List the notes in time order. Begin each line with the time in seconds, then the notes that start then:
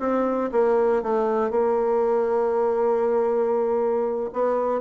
0.00 C4
0.52 A#3
1.03 A3
1.51 A#3
4.34 B3